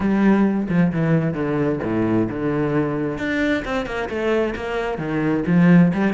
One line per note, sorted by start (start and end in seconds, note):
0.00 0.67 G3
0.69 0.92 F3
0.92 1.33 E3
1.33 1.79 D3
1.83 2.28 A2
2.29 3.18 D3
3.18 3.63 D4
3.64 3.86 C4
3.86 4.08 A#3
4.09 4.54 A3
4.55 4.98 A#3
4.98 5.43 D#3
5.46 5.92 F3
5.93 6.13 G3